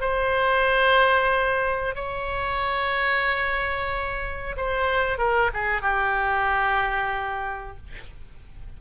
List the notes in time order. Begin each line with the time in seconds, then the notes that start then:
0.00 C5
1.95 C#5
4.57 C5
5.18 A#4
5.53 G#4
5.81 G4